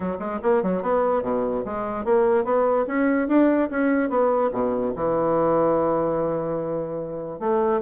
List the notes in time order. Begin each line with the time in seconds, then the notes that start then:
0.00 F#3
0.19 G#3
0.42 A#3
0.62 F#3
0.82 B3
1.22 B2
1.65 G#3
2.05 A#3
2.44 B3
2.87 C#4
3.28 D4
3.70 C#4
4.09 B3
4.52 B2
4.95 E3
7.39 A3